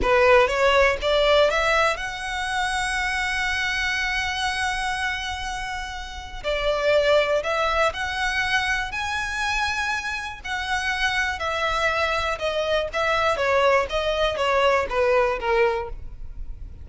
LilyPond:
\new Staff \with { instrumentName = "violin" } { \time 4/4 \tempo 4 = 121 b'4 cis''4 d''4 e''4 | fis''1~ | fis''1~ | fis''4 d''2 e''4 |
fis''2 gis''2~ | gis''4 fis''2 e''4~ | e''4 dis''4 e''4 cis''4 | dis''4 cis''4 b'4 ais'4 | }